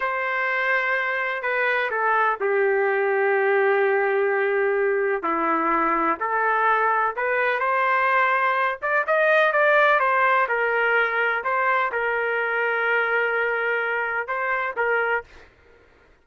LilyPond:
\new Staff \with { instrumentName = "trumpet" } { \time 4/4 \tempo 4 = 126 c''2. b'4 | a'4 g'2.~ | g'2. e'4~ | e'4 a'2 b'4 |
c''2~ c''8 d''8 dis''4 | d''4 c''4 ais'2 | c''4 ais'2.~ | ais'2 c''4 ais'4 | }